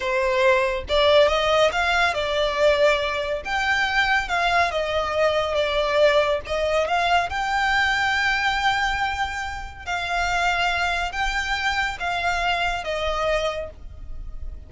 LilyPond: \new Staff \with { instrumentName = "violin" } { \time 4/4 \tempo 4 = 140 c''2 d''4 dis''4 | f''4 d''2. | g''2 f''4 dis''4~ | dis''4 d''2 dis''4 |
f''4 g''2.~ | g''2. f''4~ | f''2 g''2 | f''2 dis''2 | }